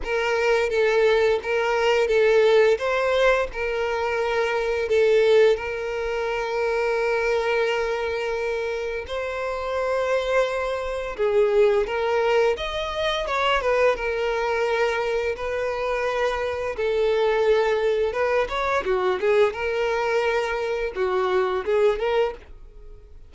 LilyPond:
\new Staff \with { instrumentName = "violin" } { \time 4/4 \tempo 4 = 86 ais'4 a'4 ais'4 a'4 | c''4 ais'2 a'4 | ais'1~ | ais'4 c''2. |
gis'4 ais'4 dis''4 cis''8 b'8 | ais'2 b'2 | a'2 b'8 cis''8 fis'8 gis'8 | ais'2 fis'4 gis'8 ais'8 | }